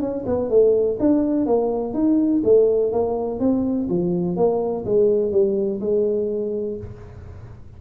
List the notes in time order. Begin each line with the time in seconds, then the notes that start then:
0.00 C#4
0.26 B3
0.49 A3
0.99 D4
1.46 A#3
1.93 D#4
2.44 A3
2.92 A#3
3.39 C4
3.89 F3
4.36 A#3
4.85 G#3
5.31 G3
5.80 G#3